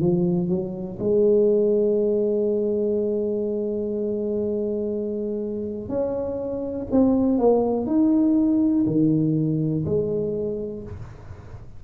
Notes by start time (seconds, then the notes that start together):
0.00 F3
0.49 F#3
0.99 G#3
5.89 C#4
6.91 C4
7.38 A#3
7.86 D#4
8.87 D#3
9.85 G#3